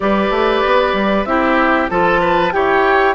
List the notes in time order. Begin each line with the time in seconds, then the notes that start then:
0.00 G3 G4 B4 D5
0.30 A3
0.65 B3
0.93 G3
1.24 C4 E4 G4 E5
1.89 F3 F4 A4 A5
2.21 B4
2.51 E4 G4 C#5 G5